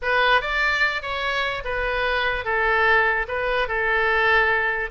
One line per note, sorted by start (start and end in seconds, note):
0.01 0.41 B4
0.41 1.02 D5
1.02 1.63 C#5
1.64 2.45 B4
2.45 3.26 A4
3.27 3.68 B4
3.68 4.90 A4